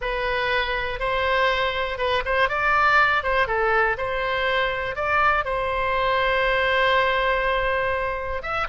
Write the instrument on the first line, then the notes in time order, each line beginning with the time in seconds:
oboe
0.01 B4
0.99 C5
1.97 B4
2.25 C5
2.48 D5
3.23 C5
3.47 A4
3.97 C5
4.95 D5
5.45 C5
8.42 E5